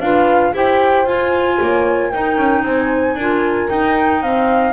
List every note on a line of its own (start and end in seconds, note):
0.00 0.53 D4
0.00 0.53 F4
0.00 0.52 B4
0.00 0.54 F5
0.52 1.06 E4
0.52 1.06 G4
0.52 1.57 C5
0.52 1.06 G5
1.06 1.58 F4
1.06 2.12 F4
1.06 2.11 G#5
1.59 2.13 A#3
1.59 2.09 C#5
2.09 3.19 D#4
2.09 2.36 D#4
2.09 2.62 A#4
2.09 2.64 G5
2.36 2.63 C#4
2.63 3.15 C4
2.63 3.17 C5
2.63 3.70 G#5
3.15 3.67 D4
3.15 3.69 F4
3.15 4.22 A#4
3.69 4.72 D#4
3.69 4.22 D#4
3.69 4.22 G5
4.22 4.72 C4
4.22 4.72 C5
4.22 4.72 F5